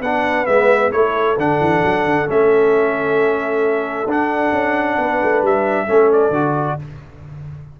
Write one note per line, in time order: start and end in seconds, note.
0.00 0.45 B3
0.00 0.46 D4
0.00 0.93 B4
0.00 0.45 F#5
0.45 0.92 G#3
0.45 0.91 B3
0.45 0.91 E5
0.91 1.37 A3
0.91 1.36 E4
0.91 4.98 A4
0.91 1.37 C#5
1.37 1.59 D3
1.37 2.27 D4
1.37 2.30 F#5
1.60 1.83 E3
1.84 2.05 F#3
2.05 2.27 D3
2.27 4.06 A3
2.27 4.07 C#4
2.27 4.10 E5
4.06 4.51 D4
4.06 5.87 D4
4.06 5.45 F#5
4.52 4.97 C#4
4.98 5.21 B3
4.98 5.86 B4
5.22 5.42 A3
5.42 5.87 G3
5.42 6.12 E5
5.86 6.29 A3
5.86 6.32 C#4
5.86 6.76 A4
6.12 6.80 D5
6.29 6.75 D3
6.29 6.79 F#4